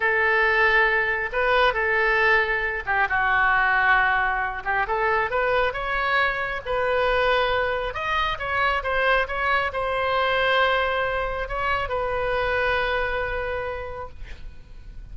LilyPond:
\new Staff \with { instrumentName = "oboe" } { \time 4/4 \tempo 4 = 136 a'2. b'4 | a'2~ a'8 g'8 fis'4~ | fis'2~ fis'8 g'8 a'4 | b'4 cis''2 b'4~ |
b'2 dis''4 cis''4 | c''4 cis''4 c''2~ | c''2 cis''4 b'4~ | b'1 | }